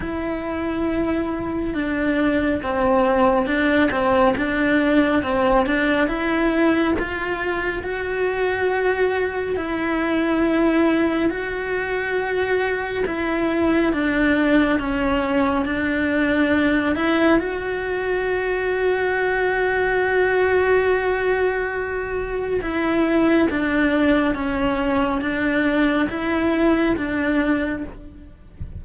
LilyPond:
\new Staff \with { instrumentName = "cello" } { \time 4/4 \tempo 4 = 69 e'2 d'4 c'4 | d'8 c'8 d'4 c'8 d'8 e'4 | f'4 fis'2 e'4~ | e'4 fis'2 e'4 |
d'4 cis'4 d'4. e'8 | fis'1~ | fis'2 e'4 d'4 | cis'4 d'4 e'4 d'4 | }